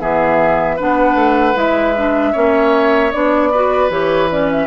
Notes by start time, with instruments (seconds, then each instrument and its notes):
0.00 bassoon E3, clarinet B3, oboe G#4, flute E5
0.76 bassoon B3, clarinet D4, oboe B4, flute F#5
1.15 bassoon A3
1.55 bassoon G#3, clarinet E4, flute E5
1.98 clarinet D4
2.32 bassoon A#3, clarinet C#4, oboe C#5
3.12 bassoon B3, clarinet D4, flute D5
3.52 clarinet F#4, oboe B4
3.90 bassoon E3, clarinet G4, flute C#5
4.31 clarinet C#4, flute D5
4.52 flute E5